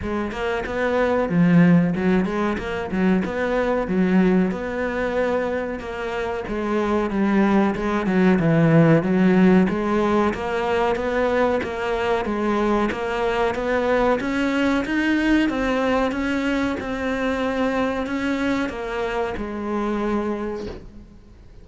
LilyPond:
\new Staff \with { instrumentName = "cello" } { \time 4/4 \tempo 4 = 93 gis8 ais8 b4 f4 fis8 gis8 | ais8 fis8 b4 fis4 b4~ | b4 ais4 gis4 g4 | gis8 fis8 e4 fis4 gis4 |
ais4 b4 ais4 gis4 | ais4 b4 cis'4 dis'4 | c'4 cis'4 c'2 | cis'4 ais4 gis2 | }